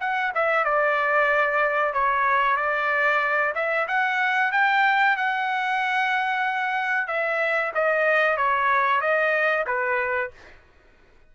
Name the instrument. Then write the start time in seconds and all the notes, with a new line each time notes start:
trumpet
0.00 F#5
0.34 E5
0.65 D5
1.93 C#5
2.56 D5
3.55 E5
3.88 F#5
4.52 G5
5.16 F#5
7.07 E5
7.74 D#5
8.37 C#5
9.01 D#5
9.66 B4